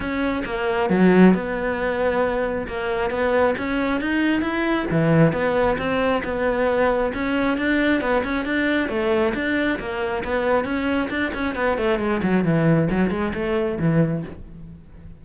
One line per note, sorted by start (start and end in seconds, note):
0.00 0.43 C#4
0.45 0.89 A#3
0.89 1.34 F#3
1.34 2.67 B3
2.67 3.10 A#3
3.10 3.54 B3
3.58 4.00 C#4
4.00 4.41 D#4
4.41 4.86 E4
4.90 5.32 E3
5.32 5.77 B3
5.78 6.22 C4
6.24 7.13 B3
7.14 7.57 C#4
7.57 8.01 D4
8.01 8.23 B3
8.24 8.45 C#4
8.45 8.88 D4
8.88 9.33 A3
9.34 9.78 D4
9.79 10.23 A#3
10.24 10.64 B3
10.64 11.08 C#4
11.09 11.32 D4
11.34 11.55 C#4
11.55 11.77 B3
11.77 11.99 A3
11.99 12.21 G#3
12.23 12.44 F#3
12.44 12.88 E3
12.90 13.10 F#3
13.10 13.32 G#3
13.34 13.78 A3
13.79 14.23 E3